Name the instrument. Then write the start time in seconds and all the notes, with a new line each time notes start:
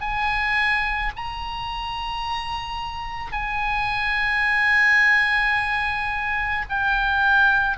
oboe
0.00 G#5
1.16 A#5
3.32 G#5
6.69 G5